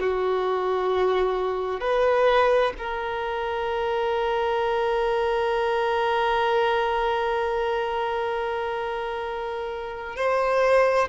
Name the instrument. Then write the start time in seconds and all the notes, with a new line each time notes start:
violin
0.00 F#4
1.81 B4
2.78 A#4
10.16 C5